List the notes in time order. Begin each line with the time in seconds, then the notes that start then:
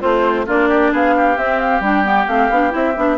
0.00 A3 C4 F4 C5
0.46 A#3 D4 F4 D5
0.68 G4
0.92 B3 G#4 F5
1.16 G4
1.37 C4 E5
1.59 F5
1.80 G3 D4 G5
2.04 B3
2.27 A3 C4 F5
2.50 B3 D4
2.70 C4 E4 E5
2.96 B3 D4